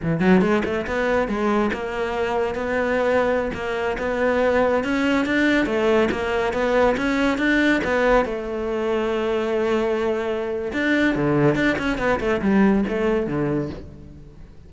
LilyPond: \new Staff \with { instrumentName = "cello" } { \time 4/4 \tempo 4 = 140 e8 fis8 gis8 a8 b4 gis4 | ais2 b2~ | b16 ais4 b2 cis'8.~ | cis'16 d'4 a4 ais4 b8.~ |
b16 cis'4 d'4 b4 a8.~ | a1~ | a4 d'4 d4 d'8 cis'8 | b8 a8 g4 a4 d4 | }